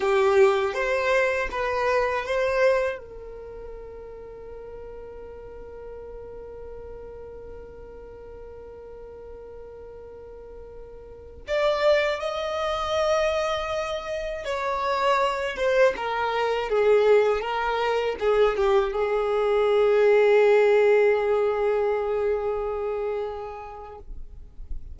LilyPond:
\new Staff \with { instrumentName = "violin" } { \time 4/4 \tempo 4 = 80 g'4 c''4 b'4 c''4 | ais'1~ | ais'1~ | ais'2.~ ais'16 d''8.~ |
d''16 dis''2. cis''8.~ | cis''8. c''8 ais'4 gis'4 ais'8.~ | ais'16 gis'8 g'8 gis'2~ gis'8.~ | gis'1 | }